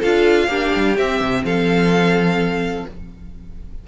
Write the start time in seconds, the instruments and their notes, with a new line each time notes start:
0.00 cello D4, viola F4, violin A4 F5
0.48 cello A#3, viola D4, violin G4
0.75 cello G3
0.97 viola C4, cello C4, violin E5
1.20 cello C3
1.44 cello F3, violin A4 F5